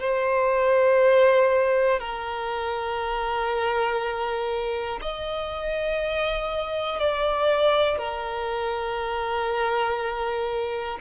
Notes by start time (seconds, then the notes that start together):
0.00 C5
2.00 A#4
5.01 D#5
6.99 D5
7.98 A#4